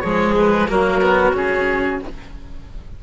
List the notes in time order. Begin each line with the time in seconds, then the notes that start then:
0.00 F3 G#3 G#4 C#5
0.37 B4
0.68 F#3 A#3 F#4 A#4
1.01 B3
1.33 C#3 C#4 G#4